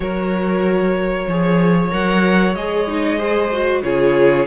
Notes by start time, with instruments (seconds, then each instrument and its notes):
0.00 cello F#3, viola F#4, violin A#4 C#5
1.27 cello F3, viola G#4, violin C#5
1.90 cello F#3, viola A#4, violin F#5
2.54 cello G#3, viola G#4, violin D#5
2.87 viola D#4
3.18 viola G#4, violin C5
3.52 viola F#4
3.83 cello C#3, viola F4, violin G#4 C#5